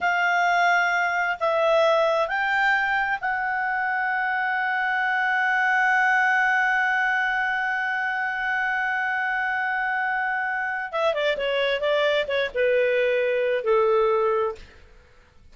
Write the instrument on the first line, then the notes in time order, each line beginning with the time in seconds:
clarinet
0.00 F5
1.40 E5
2.27 G5
3.20 F#5
10.92 E5
11.14 D5
11.37 C#5
11.80 D5
12.27 C#5
12.54 B4
13.64 A4